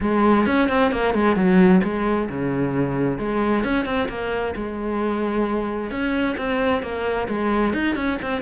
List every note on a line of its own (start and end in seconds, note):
0.00 0.46 G#3
0.46 0.69 C#4
0.69 0.91 C4
0.91 1.14 A#3
1.14 1.36 G#3
1.36 1.81 F#3
1.83 2.28 G#3
2.29 3.18 C#3
3.18 3.63 G#3
3.63 3.85 C#4
3.85 4.07 C4
4.08 4.54 A#3
4.55 5.90 G#3
5.90 6.36 C#4
6.37 6.82 C4
6.82 7.27 A#3
7.27 7.73 G#3
7.73 7.95 D#4
7.95 8.18 C#4
8.22 8.41 C4